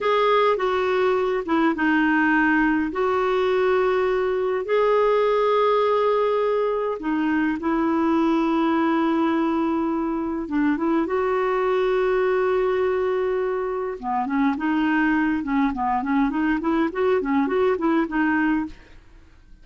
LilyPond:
\new Staff \with { instrumentName = "clarinet" } { \time 4/4 \tempo 4 = 103 gis'4 fis'4. e'8 dis'4~ | dis'4 fis'2. | gis'1 | dis'4 e'2.~ |
e'2 d'8 e'8 fis'4~ | fis'1 | b8 cis'8 dis'4. cis'8 b8 cis'8 | dis'8 e'8 fis'8 cis'8 fis'8 e'8 dis'4 | }